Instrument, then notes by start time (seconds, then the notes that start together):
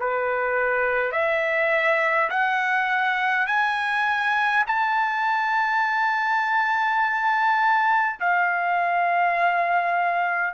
trumpet
0.00 B4
1.12 E5
2.30 F#5
3.47 G#5
4.67 A5
8.20 F5